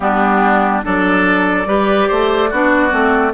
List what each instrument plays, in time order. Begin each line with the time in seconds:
0.00 bassoon G3, clarinet B3, oboe D4, flute G4
0.83 bassoon F#3, clarinet D4, oboe A4, flute D5
1.65 bassoon G3, clarinet G4, oboe B4
2.07 bassoon A3, oboe C5
2.49 bassoon B3, clarinet D4, oboe F#4
2.90 bassoon A3, clarinet C4